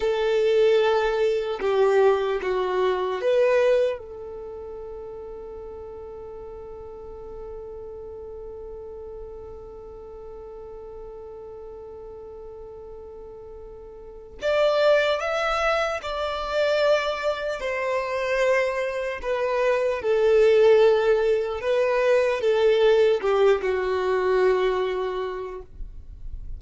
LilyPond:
\new Staff \with { instrumentName = "violin" } { \time 4/4 \tempo 4 = 75 a'2 g'4 fis'4 | b'4 a'2.~ | a'1~ | a'1~ |
a'2 d''4 e''4 | d''2 c''2 | b'4 a'2 b'4 | a'4 g'8 fis'2~ fis'8 | }